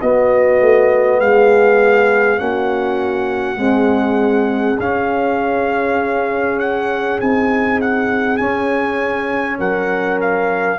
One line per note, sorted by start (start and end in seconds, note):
0.00 2.37 B3
0.00 0.60 B3
0.00 1.20 F#4
0.00 1.20 D#5
0.60 1.20 A3
1.20 2.40 G#3
1.20 2.39 G#4
1.20 2.39 F5
2.37 3.58 A#3
2.37 3.55 C#4
2.37 3.59 F#4
2.37 4.79 F#5
3.55 4.75 G#3
3.55 4.79 C4
3.55 9.58 G#4
4.79 7.19 C#4
4.79 7.21 C#4
4.79 6.59 F5
6.59 7.19 F#5
7.19 8.39 C4
7.19 8.39 D#4
7.19 7.80 G#5
7.81 8.37 F#5
8.37 10.79 C#4
8.37 9.59 C#4
8.37 9.57 G#5
9.58 10.79 F#3
9.58 10.78 A#4
9.58 10.20 F#5
10.21 10.79 F5